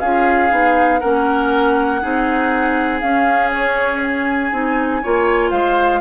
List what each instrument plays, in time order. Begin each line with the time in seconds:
0.00 bassoon C#4, clarinet F4, oboe G#4, flute F5
0.49 bassoon B3, clarinet D#4
1.00 bassoon A#3, clarinet C#4, oboe A#4, flute F#5
2.01 bassoon C4, clarinet D#4, oboe G#4
3.00 clarinet C#4, bassoon C#4, flute F5
3.52 flute C#5
4.03 flute G#5
4.52 bassoon C4, clarinet D#4
5.03 bassoon A#3, clarinet F4, oboe C#5
5.50 bassoon G#3, oboe C5, flute F5